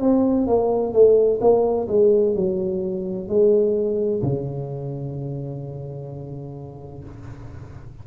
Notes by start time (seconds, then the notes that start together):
0.00 C4
0.46 A#3
0.92 A3
1.40 A#3
1.88 G#3
2.35 F#3
3.28 G#3
4.22 C#3